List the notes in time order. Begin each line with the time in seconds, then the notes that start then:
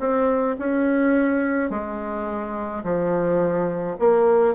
0.00 C4
0.59 C#4
1.70 G#3
2.84 F3
4.00 A#3